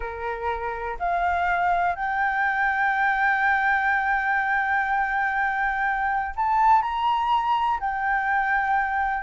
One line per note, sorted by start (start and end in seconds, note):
0.00 0.97 A#4
0.99 1.95 F5
1.95 6.34 G5
6.36 6.82 A5
6.82 7.79 A#5
7.80 9.23 G5